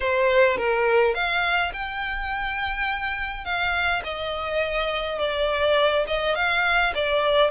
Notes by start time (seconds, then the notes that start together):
0.00 C5
0.57 A#4
1.14 F5
1.73 G5
3.44 F5
4.04 D#5
5.18 D5
6.07 D#5
6.35 F5
6.95 D5